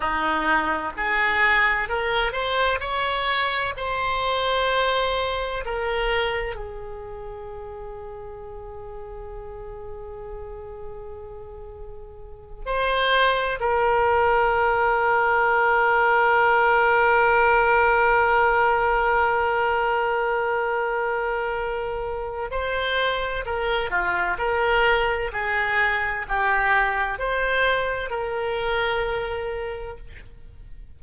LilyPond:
\new Staff \with { instrumentName = "oboe" } { \time 4/4 \tempo 4 = 64 dis'4 gis'4 ais'8 c''8 cis''4 | c''2 ais'4 gis'4~ | gis'1~ | gis'4. c''4 ais'4.~ |
ais'1~ | ais'1 | c''4 ais'8 f'8 ais'4 gis'4 | g'4 c''4 ais'2 | }